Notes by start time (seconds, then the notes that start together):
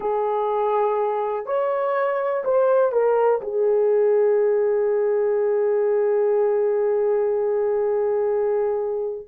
0.00 G#4
1.45 C#5
2.44 C5
2.91 A#4
3.41 G#4